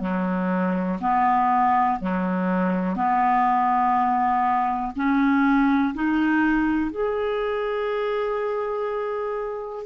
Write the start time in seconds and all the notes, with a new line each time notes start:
0.00 F#3
1.01 B3
2.00 F#3
2.96 B3
4.95 C#4
5.95 D#4
6.91 G#4